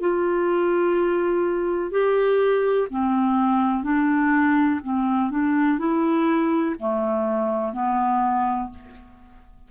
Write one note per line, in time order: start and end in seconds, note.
0.00 1.91 F4
1.91 2.88 G4
2.90 3.84 C4
3.84 4.80 D4
4.83 5.30 C4
5.30 5.78 D4
5.78 6.75 E4
6.79 7.73 A3
7.73 8.70 B3